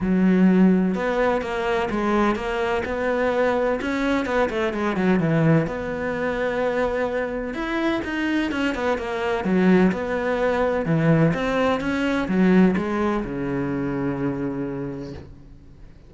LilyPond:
\new Staff \with { instrumentName = "cello" } { \time 4/4 \tempo 4 = 127 fis2 b4 ais4 | gis4 ais4 b2 | cis'4 b8 a8 gis8 fis8 e4 | b1 |
e'4 dis'4 cis'8 b8 ais4 | fis4 b2 e4 | c'4 cis'4 fis4 gis4 | cis1 | }